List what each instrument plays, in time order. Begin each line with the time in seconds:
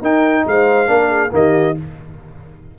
0.00 tuba D#4, trombone D#4, horn A#4, trumpet G5
0.46 tuba G#3, horn C5, trumpet F5
0.86 tuba A#3, trombone D4, horn A#4
1.09 horn G#4
1.31 tuba D#3, trombone A#3, horn G4, trumpet D#5